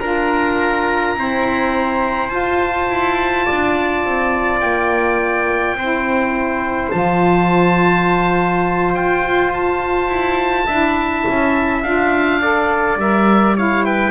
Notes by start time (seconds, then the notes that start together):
0.00 D4 F4 A#4 A#5
1.15 C4 E4 C5
2.29 F4 A5
2.89 E4
3.45 D4 D5
4.05 C4
4.61 A#3 G5
5.75 C4 C5
5.81 E4
6.91 F3 F4 A5
8.95 F4 G5
9.54 A5
10.08 E4
10.67 D4 E4 E5
11.29 C#4
11.83 D4 F4 F5
12.41 A4 D5
12.96 G3 A#4 E5
13.55 E4 C#5 F5
13.85 B4 G5